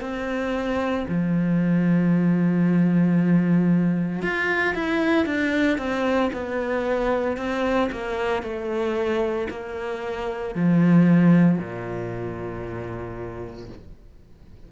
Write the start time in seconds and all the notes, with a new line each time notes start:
0.00 C4
1.08 F3
4.22 F4
4.74 E4
5.25 D4
5.78 C4
6.33 B3
7.37 C4
7.91 A#3
8.42 A3
9.49 A#3
10.55 F3
11.58 A#2